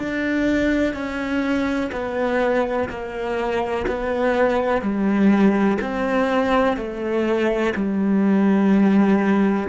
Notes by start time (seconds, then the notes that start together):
0.00 D4
0.95 C#4
1.93 B3
2.89 A#3
3.88 B3
4.82 G3
5.82 C4
6.77 A3
7.76 G3